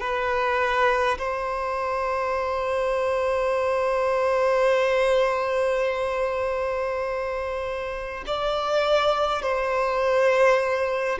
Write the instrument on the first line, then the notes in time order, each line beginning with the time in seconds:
violin
0.00 B4
1.18 C5
8.27 D5
9.42 C5